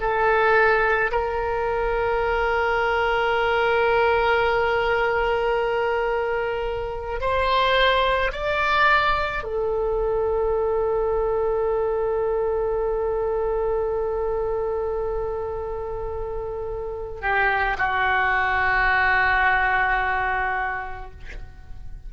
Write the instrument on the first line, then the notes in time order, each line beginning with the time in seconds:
oboe
0.00 A4
1.12 A#4
7.21 C5
8.32 D5
9.44 A4
17.22 G4
17.78 F#4